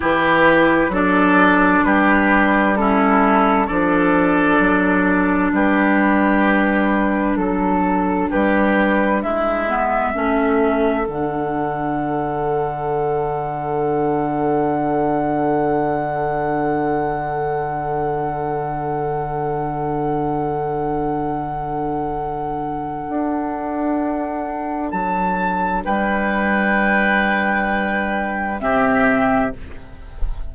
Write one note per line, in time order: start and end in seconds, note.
0.00 0.88 E3
0.00 0.91 E4
0.00 0.91 G4
0.00 0.94 B4
0.88 1.80 F#3
0.88 2.76 D4
0.88 1.84 A4
0.94 1.84 D5
1.84 3.69 G3
1.84 2.78 G4
1.84 2.76 B4
2.76 3.67 C#4
2.76 3.66 E4
2.76 3.66 A4
3.66 4.59 F3
3.66 9.67 D4
3.66 5.51 A4
3.66 5.51 D5
4.59 5.51 F#3
5.52 7.36 G3
5.52 7.38 G4
5.52 7.36 B4
7.36 8.28 F#3
7.36 8.29 A4
8.29 9.23 G3
8.29 9.21 G4
8.29 9.22 B4
9.22 10.14 G#3
9.22 10.14 E4
9.22 11.07 E5
9.68 10.13 B3
10.13 11.07 A3
10.13 11.05 C#4
10.13 25.83 A4
11.05 23.07 D3
11.05 28.58 D4
11.05 24.90 F#5
23.08 24.92 D4
24.90 25.84 F#3
24.90 25.82 A5
25.84 28.61 G3
25.84 28.61 B4
25.84 28.60 G5
28.60 29.53 C3
28.60 29.52 C4
28.60 29.55 G4
28.60 29.52 E5